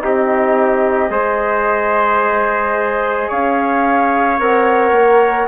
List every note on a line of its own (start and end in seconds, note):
0.00 1.09 C4
0.00 1.09 D#4
0.00 1.10 G4
0.00 3.30 D#5
1.09 3.27 G#3
1.09 4.37 G#4
1.09 3.28 C5
3.28 4.39 C#4
3.28 5.47 C#5
3.28 4.39 F5
4.39 4.90 C4
4.39 5.47 A#4
4.39 5.47 F#5
4.90 5.45 A#3